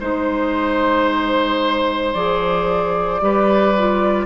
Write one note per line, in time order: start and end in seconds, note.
0.00 2.14 G#3
0.00 2.15 D#4
0.00 3.21 C5
0.00 2.13 C5
2.13 3.21 F3
2.13 3.21 G#4
2.13 4.26 D5
3.21 4.26 G3
3.21 3.75 G4
3.21 4.26 B4
3.78 4.26 F4